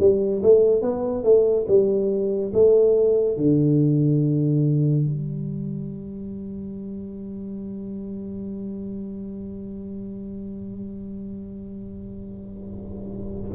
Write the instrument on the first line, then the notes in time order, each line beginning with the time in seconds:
tuba
0.00 G3
0.43 A3
0.82 B3
1.24 A3
1.68 G3
2.54 A3
3.37 D3
5.06 G3